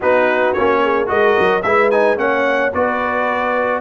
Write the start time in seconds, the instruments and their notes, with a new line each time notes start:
0.00 tuba B3, trombone D#4, horn F#4, trumpet B4
0.53 tuba A#3, trombone C#4, trumpet C#5
0.82 horn G#4
1.06 tuba G#3, trombone F#4, horn A#4, trumpet D#5
1.39 tuba F#3
1.62 tuba G#3, trombone E4, horn B4, trumpet E5
1.90 trombone D#4, trumpet G#5
2.16 tuba A#3, trombone C#4, horn C#5, trumpet F#5
2.74 tuba B3, trombone F#4, horn B4, trumpet D5